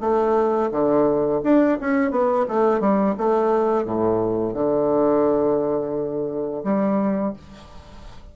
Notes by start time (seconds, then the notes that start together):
0.00 A3
0.71 D3
1.43 D4
1.80 C#4
2.10 B3
2.48 A3
2.80 G3
3.17 A3
3.85 A2
4.53 D3
6.63 G3